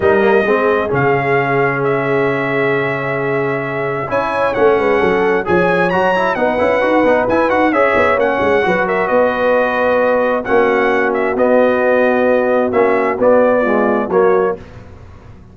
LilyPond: <<
  \new Staff \with { instrumentName = "trumpet" } { \time 4/4 \tempo 4 = 132 dis''2 f''2 | e''1~ | e''4 gis''4 fis''2 | gis''4 ais''4 fis''2 |
gis''8 fis''8 e''4 fis''4. e''8 | dis''2. fis''4~ | fis''8 e''8 dis''2. | e''4 d''2 cis''4 | }
  \new Staff \with { instrumentName = "horn" } { \time 4/4 ais'4 gis'2.~ | gis'1~ | gis'4 cis''4. b'8 a'4 | cis''2 b'2~ |
b'4 cis''2 b'8 ais'8 | b'2. fis'4~ | fis'1~ | fis'2 f'4 fis'4 | }
  \new Staff \with { instrumentName = "trombone" } { \time 4/4 dis'8 ais8 c'4 cis'2~ | cis'1~ | cis'4 e'4 cis'2 | gis'4 fis'8 e'8 dis'8 e'8 fis'8 dis'8 |
e'8 fis'8 gis'4 cis'4 fis'4~ | fis'2. cis'4~ | cis'4 b2. | cis'4 b4 gis4 ais4 | }
  \new Staff \with { instrumentName = "tuba" } { \time 4/4 g4 gis4 cis2~ | cis1~ | cis4 cis'4 a8 gis8 fis4 | f4 fis4 b8 cis'8 dis'8 b8 |
e'8 dis'8 cis'8 b8 ais8 gis8 fis4 | b2. ais4~ | ais4 b2. | ais4 b2 fis4 | }
>>